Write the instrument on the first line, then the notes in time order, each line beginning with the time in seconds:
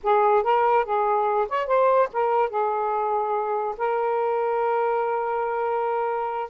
saxophone
0.03 G#4
0.43 A#4
0.84 G#4
1.48 C#5
1.66 C5
2.12 A#4
2.49 G#4
3.77 A#4